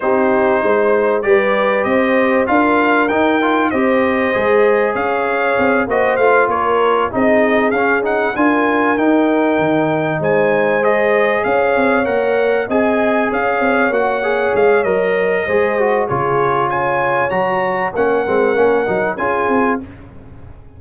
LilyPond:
<<
  \new Staff \with { instrumentName = "trumpet" } { \time 4/4 \tempo 4 = 97 c''2 d''4 dis''4 | f''4 g''4 dis''2 | f''4. dis''8 f''8 cis''4 dis''8~ | dis''8 f''8 fis''8 gis''4 g''4.~ |
g''8 gis''4 dis''4 f''4 fis''8~ | fis''8 gis''4 f''4 fis''4 f''8 | dis''2 cis''4 gis''4 | ais''4 fis''2 gis''4 | }
  \new Staff \with { instrumentName = "horn" } { \time 4/4 g'4 c''4 b'4 c''4 | ais'2 c''2 | cis''4. c''4 ais'4 gis'8~ | gis'4. ais'2~ ais'8~ |
ais'8 c''2 cis''4.~ | cis''8 dis''4 cis''2~ cis''8~ | cis''4 c''4 gis'4 cis''4~ | cis''4 ais'2 gis'4 | }
  \new Staff \with { instrumentName = "trombone" } { \time 4/4 dis'2 g'2 | f'4 dis'8 f'8 g'4 gis'4~ | gis'4. fis'8 f'4. dis'8~ | dis'8 cis'8 dis'8 f'4 dis'4.~ |
dis'4. gis'2 ais'8~ | ais'8 gis'2 fis'8 gis'4 | ais'4 gis'8 fis'8 f'2 | fis'4 cis'8 c'8 cis'8 dis'8 f'4 | }
  \new Staff \with { instrumentName = "tuba" } { \time 4/4 c'4 gis4 g4 c'4 | d'4 dis'4 c'4 gis4 | cis'4 c'8 ais8 a8 ais4 c'8~ | c'8 cis'4 d'4 dis'4 dis8~ |
dis8 gis2 cis'8 c'8 ais8~ | ais8 c'4 cis'8 c'8 ais4 gis8 | fis4 gis4 cis2 | fis4 ais8 gis8 ais8 fis8 cis'8 c'8 | }
>>